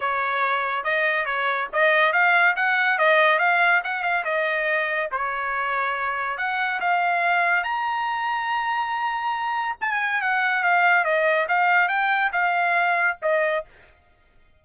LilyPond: \new Staff \with { instrumentName = "trumpet" } { \time 4/4 \tempo 4 = 141 cis''2 dis''4 cis''4 | dis''4 f''4 fis''4 dis''4 | f''4 fis''8 f''8 dis''2 | cis''2. fis''4 |
f''2 ais''2~ | ais''2. gis''4 | fis''4 f''4 dis''4 f''4 | g''4 f''2 dis''4 | }